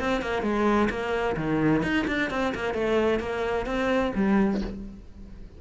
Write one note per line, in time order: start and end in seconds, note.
0.00 0.22 C4
0.22 0.43 A#3
0.43 0.89 G#3
0.90 1.37 A#3
1.37 1.83 D#3
1.83 2.06 D#4
2.08 2.31 D4
2.31 2.54 C4
2.55 2.75 A#3
2.75 3.20 A3
3.20 3.67 A#3
3.67 4.13 C4
4.15 4.62 G3